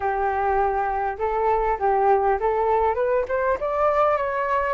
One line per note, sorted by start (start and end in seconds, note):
0.00 1.17 G4
1.18 1.77 A4
1.79 2.38 G4
2.40 2.95 A4
2.95 3.24 B4
3.28 3.58 C5
3.59 4.17 D5
4.17 4.74 C#5